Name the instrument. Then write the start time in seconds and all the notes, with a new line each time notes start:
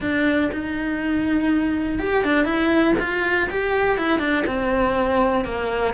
cello
0.00 D4
0.52 D#4
1.99 G4
2.24 D4
2.45 E4
2.99 F4
3.50 G4
3.97 E4
4.19 D4
4.46 C4
5.44 A#3